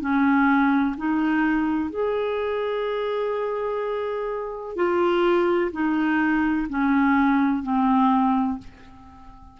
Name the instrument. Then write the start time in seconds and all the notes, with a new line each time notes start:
clarinet
0.00 C#4
0.97 D#4
1.90 G#4
4.76 F4
5.71 D#4
6.69 C#4
7.62 C4